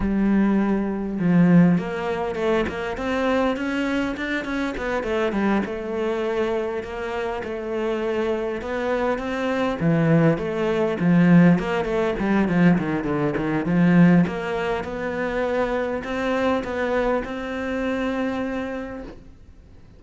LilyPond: \new Staff \with { instrumentName = "cello" } { \time 4/4 \tempo 4 = 101 g2 f4 ais4 | a8 ais8 c'4 cis'4 d'8 cis'8 | b8 a8 g8 a2 ais8~ | ais8 a2 b4 c'8~ |
c'8 e4 a4 f4 ais8 | a8 g8 f8 dis8 d8 dis8 f4 | ais4 b2 c'4 | b4 c'2. | }